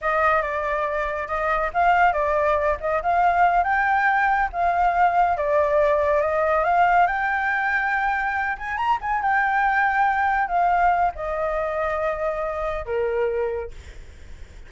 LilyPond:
\new Staff \with { instrumentName = "flute" } { \time 4/4 \tempo 4 = 140 dis''4 d''2 dis''4 | f''4 d''4. dis''8 f''4~ | f''8 g''2 f''4.~ | f''8 d''2 dis''4 f''8~ |
f''8 g''2.~ g''8 | gis''8 ais''8 gis''8 g''2~ g''8~ | g''8 f''4. dis''2~ | dis''2 ais'2 | }